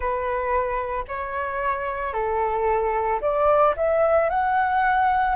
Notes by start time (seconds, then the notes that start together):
0.00 B4
1.08 C#5
2.13 A4
3.21 D5
3.76 E5
4.29 F#5